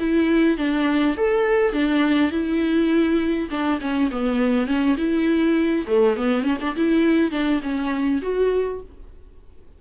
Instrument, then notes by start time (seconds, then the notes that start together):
viola
0.00 E4
0.58 D4
1.17 A4
1.73 D4
2.32 E4
3.51 D4
3.81 C#4
4.11 B3
4.67 C#4
4.97 E4
5.87 A3
6.17 B3
6.43 C#4
6.61 D4
6.76 E4
7.32 D4
7.63 C#4
8.22 F#4